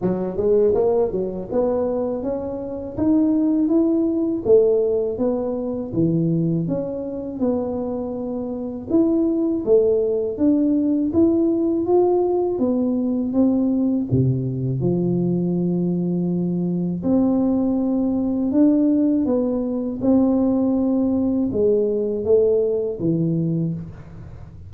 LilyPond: \new Staff \with { instrumentName = "tuba" } { \time 4/4 \tempo 4 = 81 fis8 gis8 ais8 fis8 b4 cis'4 | dis'4 e'4 a4 b4 | e4 cis'4 b2 | e'4 a4 d'4 e'4 |
f'4 b4 c'4 c4 | f2. c'4~ | c'4 d'4 b4 c'4~ | c'4 gis4 a4 e4 | }